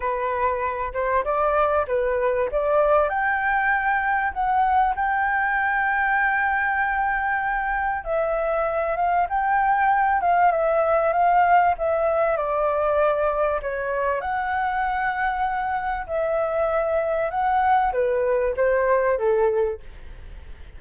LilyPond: \new Staff \with { instrumentName = "flute" } { \time 4/4 \tempo 4 = 97 b'4. c''8 d''4 b'4 | d''4 g''2 fis''4 | g''1~ | g''4 e''4. f''8 g''4~ |
g''8 f''8 e''4 f''4 e''4 | d''2 cis''4 fis''4~ | fis''2 e''2 | fis''4 b'4 c''4 a'4 | }